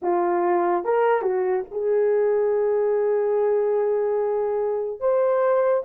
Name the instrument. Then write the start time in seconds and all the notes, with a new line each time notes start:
horn
0.02 F4
0.84 A#4
1.22 F#4
1.71 G#4
5.00 C5